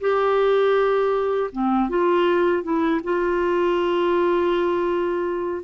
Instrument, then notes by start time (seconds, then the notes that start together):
clarinet
0.00 G4
1.52 C4
1.89 F4
2.63 E4
3.03 F4